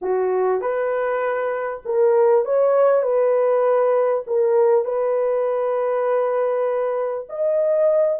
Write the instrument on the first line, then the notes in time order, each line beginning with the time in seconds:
horn
0.01 F#4
0.61 B4
1.85 A#4
2.45 C#5
3.02 B4
4.26 A#4
4.84 B4
7.29 D#5